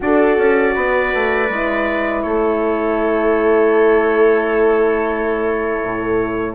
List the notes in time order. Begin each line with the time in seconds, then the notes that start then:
0.00 D4 F#4 A4 D5
0.37 C#4
0.73 B3 B4
1.13 A3
1.49 G#3 E4
2.22 A3 A4 C#5
5.83 A2